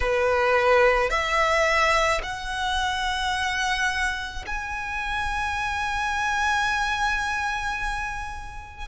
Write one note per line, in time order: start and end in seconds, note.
0.00 1.10 B4
1.10 2.21 E5
2.22 4.44 F#5
4.46 8.88 G#5